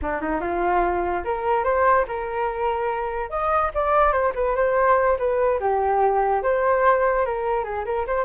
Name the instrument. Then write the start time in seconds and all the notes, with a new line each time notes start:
flute
0.02 D4
0.21 D#4
0.40 F4
1.24 A#4
1.64 C5
2.07 A#4
3.30 D#5
3.74 D5
4.12 C5
4.34 B4
4.55 C5
5.18 B4
5.60 G4
6.43 C5
7.25 A#4
7.64 G#4
7.85 A#4
8.07 C5